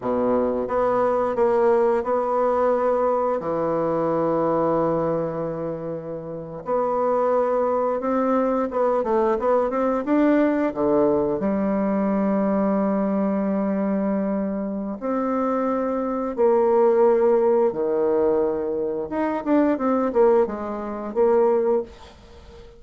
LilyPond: \new Staff \with { instrumentName = "bassoon" } { \time 4/4 \tempo 4 = 88 b,4 b4 ais4 b4~ | b4 e2.~ | e4.~ e16 b2 c'16~ | c'8. b8 a8 b8 c'8 d'4 d16~ |
d8. g2.~ g16~ | g2 c'2 | ais2 dis2 | dis'8 d'8 c'8 ais8 gis4 ais4 | }